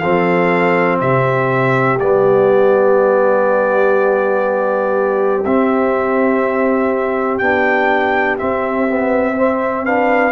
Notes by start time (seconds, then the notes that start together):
0.00 F3 C4 A4 F5
1.00 C3 G4 E5
2.00 G3 B3 D5
5.45 C4 E5
7.39 B3 D4 G5
8.39 C4 E5
8.88 B3
9.37 C4 C5
9.86 D4 B4 F5